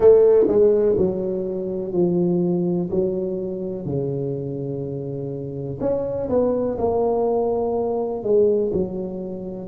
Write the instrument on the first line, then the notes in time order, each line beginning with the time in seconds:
tuba
0.00 A3
0.48 G#3
0.97 F#3
1.93 F3
2.90 F#3
3.85 C#3
5.80 C#4
6.29 B3
6.78 A#3
8.23 G#3
8.73 F#3